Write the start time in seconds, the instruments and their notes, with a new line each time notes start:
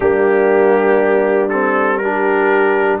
0.00 tuba G3, trombone A#3, horn D4, trumpet G4
1.49 trombone C4, trumpet A4
1.97 trombone D4, horn G4, trumpet A#4